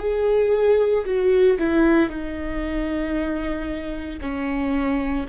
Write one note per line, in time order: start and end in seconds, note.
0.00 1.05 G#4
1.06 1.58 F#4
1.59 2.10 E4
2.10 4.20 D#4
4.22 5.27 C#4